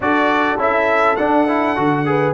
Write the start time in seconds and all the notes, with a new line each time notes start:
0.00 D4 F#4 A4 D5
0.57 C#4 E4 E5
1.16 D4 F#5
1.48 E4
1.76 D3 F#4
2.05 G#4 B4